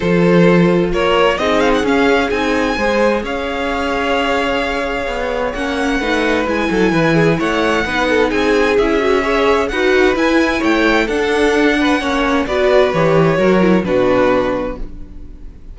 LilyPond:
<<
  \new Staff \with { instrumentName = "violin" } { \time 4/4 \tempo 4 = 130 c''2 cis''4 dis''8 f''16 fis''16 | f''4 gis''2 f''4~ | f''1 | fis''2 gis''2 |
fis''2 gis''4 e''4~ | e''4 fis''4 gis''4 g''4 | fis''2. d''4 | cis''2 b'2 | }
  \new Staff \with { instrumentName = "violin" } { \time 4/4 a'2 ais'4 gis'4~ | gis'2 c''4 cis''4~ | cis''1~ | cis''4 b'4. a'8 b'8 gis'8 |
cis''4 b'8 a'8 gis'2 | cis''4 b'2 cis''4 | a'4. b'8 cis''4 b'4~ | b'4 ais'4 fis'2 | }
  \new Staff \with { instrumentName = "viola" } { \time 4/4 f'2. dis'4 | cis'4 dis'4 gis'2~ | gis'1 | cis'4 dis'4 e'2~ |
e'4 dis'2 e'8 fis'8 | gis'4 fis'4 e'2 | d'2 cis'4 fis'4 | g'4 fis'8 e'8 d'2 | }
  \new Staff \with { instrumentName = "cello" } { \time 4/4 f2 ais4 c'4 | cis'4 c'4 gis4 cis'4~ | cis'2. b4 | ais4 a4 gis8 fis8 e4 |
a4 b4 c'4 cis'4~ | cis'4 dis'4 e'4 a4 | d'2 ais4 b4 | e4 fis4 b,2 | }
>>